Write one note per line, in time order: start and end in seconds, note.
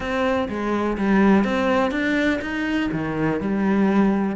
0.00 0.48 C4
0.48 0.97 G#3
0.97 1.44 G3
1.44 1.91 C4
1.91 2.39 D4
2.41 2.89 D#4
2.91 3.40 D#3
3.40 4.35 G3